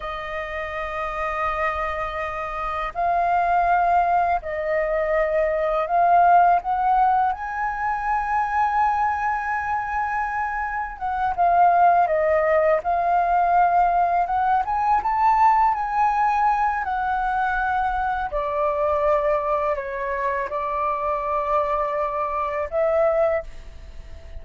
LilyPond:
\new Staff \with { instrumentName = "flute" } { \time 4/4 \tempo 4 = 82 dis''1 | f''2 dis''2 | f''4 fis''4 gis''2~ | gis''2. fis''8 f''8~ |
f''8 dis''4 f''2 fis''8 | gis''8 a''4 gis''4. fis''4~ | fis''4 d''2 cis''4 | d''2. e''4 | }